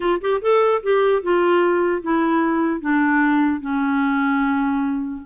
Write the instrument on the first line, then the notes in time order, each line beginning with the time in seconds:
clarinet
0.00 F4
0.21 G4
0.41 A4
0.83 G4
1.22 F4
2.02 E4
2.80 D4
3.60 C#4